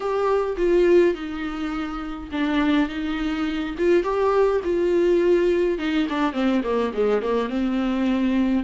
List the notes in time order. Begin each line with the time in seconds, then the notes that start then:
0.00 G4
0.57 F4
1.14 D#4
2.31 D4
2.88 D#4
3.78 F4
4.03 G4
4.63 F4
5.78 D#4
6.09 D4
6.33 C4
6.63 A#3
6.93 G#3
7.22 A#3
7.49 C4